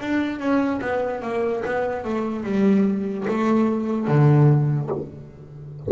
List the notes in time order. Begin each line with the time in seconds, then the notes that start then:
0.00 D4
0.39 C#4
0.81 B3
1.22 A#3
1.65 B3
2.04 A3
2.44 G3
3.28 A3
4.08 D3